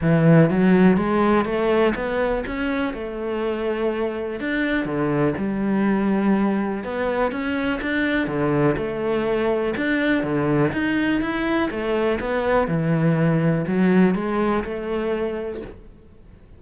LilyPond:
\new Staff \with { instrumentName = "cello" } { \time 4/4 \tempo 4 = 123 e4 fis4 gis4 a4 | b4 cis'4 a2~ | a4 d'4 d4 g4~ | g2 b4 cis'4 |
d'4 d4 a2 | d'4 d4 dis'4 e'4 | a4 b4 e2 | fis4 gis4 a2 | }